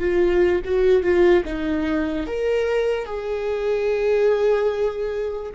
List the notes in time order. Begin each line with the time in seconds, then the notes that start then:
0.00 F4
0.65 F#4
1.03 F4
1.45 D#4
2.27 A#4
3.06 G#4